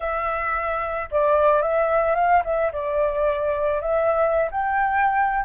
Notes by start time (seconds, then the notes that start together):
0.00 E5
1.11 D5
1.62 E5
2.15 F5
2.44 E5
2.72 D5
3.81 E5
4.51 G5